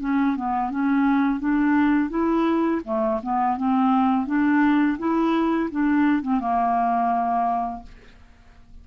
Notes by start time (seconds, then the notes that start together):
0.00 C#4
0.36 B3
0.70 C#4
1.40 D4
2.10 E4
2.84 A3
3.23 B3
3.57 C4
4.26 D4
4.98 E4
5.71 D4
6.22 C4
6.40 A#3